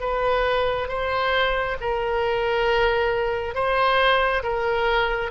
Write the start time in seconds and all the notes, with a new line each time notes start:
0.00 B4
0.88 C5
1.80 A#4
3.55 C5
4.43 A#4